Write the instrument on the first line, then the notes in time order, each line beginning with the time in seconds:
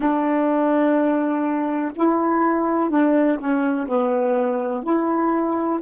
saxophone
0.00 D4
1.95 E4
2.90 D4
3.39 C#4
3.87 B3
4.83 E4